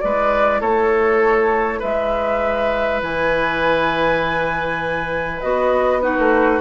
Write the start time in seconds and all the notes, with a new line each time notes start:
0.00 G#3 E4 B4 D5
0.60 A3 A4 C#5
1.79 G#3 B4 E5
3.02 E3 G#5
5.40 B3 F#4 D#5
6.01 D#4 F#4 B4
6.18 A3